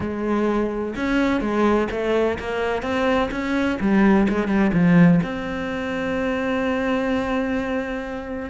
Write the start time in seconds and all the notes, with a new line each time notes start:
0.00 G#3
0.96 C#4
1.40 G#3
1.91 A3
2.39 A#3
2.82 C4
3.31 C#4
3.80 G3
4.28 G#3
4.47 G3
4.73 F3
5.23 C4